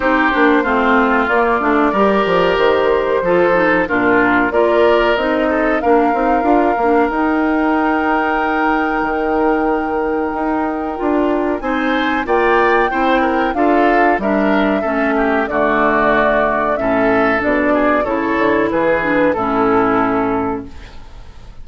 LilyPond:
<<
  \new Staff \with { instrumentName = "flute" } { \time 4/4 \tempo 4 = 93 c''2 d''2 | c''2 ais'4 d''4 | dis''4 f''2 g''4~ | g''1~ |
g''2 gis''4 g''4~ | g''4 f''4 e''2 | d''2 e''4 d''4 | cis''4 b'4 a'2 | }
  \new Staff \with { instrumentName = "oboe" } { \time 4/4 g'4 f'2 ais'4~ | ais'4 a'4 f'4 ais'4~ | ais'8 a'8 ais'2.~ | ais'1~ |
ais'2 c''4 d''4 | c''8 ais'8 a'4 ais'4 a'8 g'8 | fis'2 a'4. gis'8 | a'4 gis'4 e'2 | }
  \new Staff \with { instrumentName = "clarinet" } { \time 4/4 dis'8 d'8 c'4 ais8 d'8 g'4~ | g'4 f'8 dis'8 d'4 f'4 | dis'4 d'8 dis'8 f'8 d'8 dis'4~ | dis'1~ |
dis'4 f'4 dis'4 f'4 | e'4 f'4 d'4 cis'4 | a2 cis'4 d'4 | e'4. d'8 cis'2 | }
  \new Staff \with { instrumentName = "bassoon" } { \time 4/4 c'8 ais8 a4 ais8 a8 g8 f8 | dis4 f4 ais,4 ais4 | c'4 ais8 c'8 d'8 ais8 dis'4~ | dis'2 dis2 |
dis'4 d'4 c'4 ais4 | c'4 d'4 g4 a4 | d2 a,4 b,4 | cis8 d8 e4 a,2 | }
>>